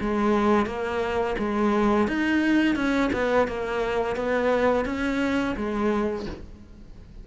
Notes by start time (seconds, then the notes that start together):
0.00 G#3
0.66 A#3
1.38 G#3
2.07 D#4
2.75 C#4
3.12 B3
3.48 A#3
4.15 B3
4.85 C#4
5.56 G#3